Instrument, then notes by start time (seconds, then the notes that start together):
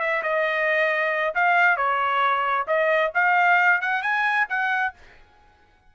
trumpet
0.00 E5
0.23 D#5
1.35 F5
1.77 C#5
2.67 D#5
3.15 F5
3.81 F#5
4.02 G#5
4.50 F#5